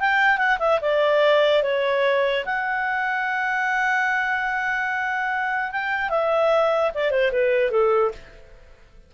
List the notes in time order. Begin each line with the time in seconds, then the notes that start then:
0.00 G5
0.38 F#5
0.59 E5
0.81 D5
1.63 C#5
2.45 F#5
5.72 G5
6.10 E5
6.94 D5
7.11 C5
7.32 B4
7.71 A4